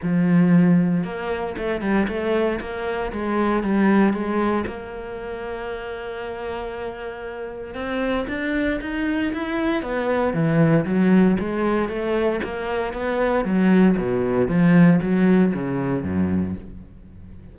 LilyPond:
\new Staff \with { instrumentName = "cello" } { \time 4/4 \tempo 4 = 116 f2 ais4 a8 g8 | a4 ais4 gis4 g4 | gis4 ais2.~ | ais2. c'4 |
d'4 dis'4 e'4 b4 | e4 fis4 gis4 a4 | ais4 b4 fis4 b,4 | f4 fis4 cis4 fis,4 | }